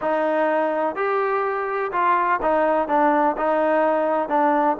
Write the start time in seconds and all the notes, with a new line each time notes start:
0.01 D#4
0.95 G4
1.92 F4
2.42 D#4
2.88 D4
3.37 D#4
4.29 D4